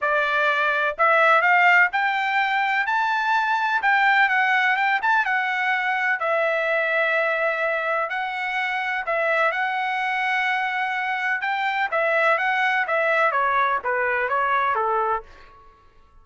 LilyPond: \new Staff \with { instrumentName = "trumpet" } { \time 4/4 \tempo 4 = 126 d''2 e''4 f''4 | g''2 a''2 | g''4 fis''4 g''8 a''8 fis''4~ | fis''4 e''2.~ |
e''4 fis''2 e''4 | fis''1 | g''4 e''4 fis''4 e''4 | cis''4 b'4 cis''4 a'4 | }